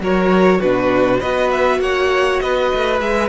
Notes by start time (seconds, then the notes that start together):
0.00 F#3 F#4 A#4 C#5
0.59 B2 D4 F#4 B4
1.19 B3 F#4 B4 D#5
1.51 E5
1.79 A#3 C#5 F#5
2.40 B3 B4 D#5
2.74 A3
3.00 G#3 G#4 E5